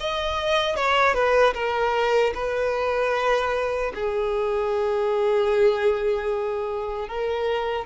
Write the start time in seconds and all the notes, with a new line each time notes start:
0.00 D#5
0.76 C#5
1.14 B4
1.54 A#4
2.35 B4
3.95 G#4
7.08 A#4